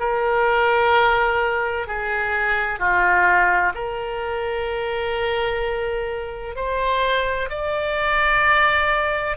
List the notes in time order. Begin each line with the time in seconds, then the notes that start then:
0.00 A#4
1.87 G#4
2.80 F4
3.75 A#4
6.56 C5
7.50 D5